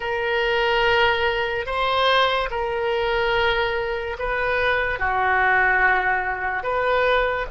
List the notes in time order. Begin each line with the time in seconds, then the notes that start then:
0.00 A#4
1.66 C5
2.50 A#4
4.19 B4
4.99 F#4
6.63 B4